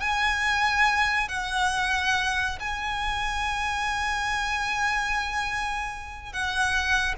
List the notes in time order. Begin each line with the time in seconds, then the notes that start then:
0.00 G#5
1.28 F#5
2.60 G#5
6.33 F#5